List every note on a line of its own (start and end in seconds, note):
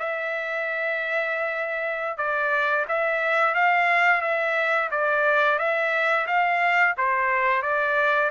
0.00 2.18 E5
2.18 2.86 D5
2.89 3.55 E5
3.55 4.22 F5
4.22 4.90 E5
4.92 5.59 D5
5.59 6.27 E5
6.27 6.95 F5
6.98 7.63 C5
7.63 8.31 D5